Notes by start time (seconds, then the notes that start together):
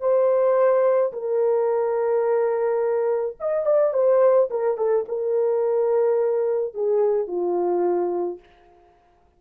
0.00 C5
1.12 A#4
3.40 D#5
3.66 D5
3.93 C5
4.50 A#4
4.77 A4
5.08 A#4
6.74 G#4
7.27 F4